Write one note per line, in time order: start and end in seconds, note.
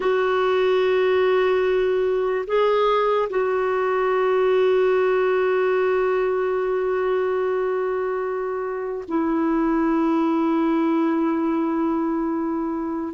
0.00 2.45 F#4
2.47 3.29 G#4
3.29 9.04 F#4
9.08 13.14 E4